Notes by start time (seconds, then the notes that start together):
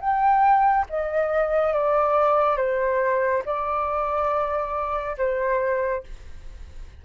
0.00 G5
0.89 D#5
1.73 D5
2.57 C5
3.45 D5
5.17 C5